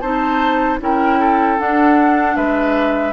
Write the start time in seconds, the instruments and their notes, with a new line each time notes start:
0.00 bassoon C4, clarinet D#4, oboe C5, flute A5
0.80 bassoon C#4, clarinet E4, oboe A#4, flute G5
1.19 oboe A4
1.59 clarinet D4, bassoon D4, flute F#5
2.36 bassoon G#3, oboe B4, flute E5